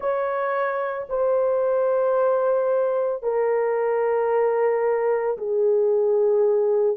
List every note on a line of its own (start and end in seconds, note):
0.00 1.07 C#5
1.09 3.22 C5
3.22 5.37 A#4
5.37 6.97 G#4